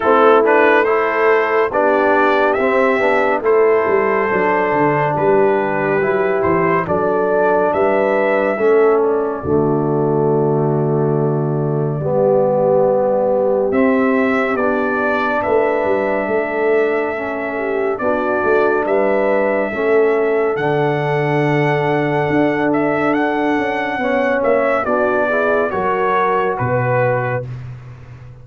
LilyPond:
<<
  \new Staff \with { instrumentName = "trumpet" } { \time 4/4 \tempo 4 = 70 a'8 b'8 c''4 d''4 e''4 | c''2 b'4. c''8 | d''4 e''4. d''4.~ | d''1 |
e''4 d''4 e''2~ | e''4 d''4 e''2 | fis''2~ fis''8 e''8 fis''4~ | fis''8 e''8 d''4 cis''4 b'4 | }
  \new Staff \with { instrumentName = "horn" } { \time 4/4 e'4 a'4 g'2 | a'2 g'2 | a'4 b'4 a'4 fis'4~ | fis'2 g'2~ |
g'2 b'4 a'4~ | a'8 g'8 fis'4 b'4 a'4~ | a'1 | cis''4 fis'8 gis'8 ais'4 b'4 | }
  \new Staff \with { instrumentName = "trombone" } { \time 4/4 c'8 d'8 e'4 d'4 c'8 d'8 | e'4 d'2 e'4 | d'2 cis'4 a4~ | a2 b2 |
c'4 d'2. | cis'4 d'2 cis'4 | d'1 | cis'4 d'8 e'8 fis'2 | }
  \new Staff \with { instrumentName = "tuba" } { \time 4/4 a2 b4 c'8 b8 | a8 g8 fis8 d8 g4 fis8 e8 | fis4 g4 a4 d4~ | d2 g2 |
c'4 b4 a8 g8 a4~ | a4 b8 a8 g4 a4 | d2 d'4. cis'8 | b8 ais8 b4 fis4 b,4 | }
>>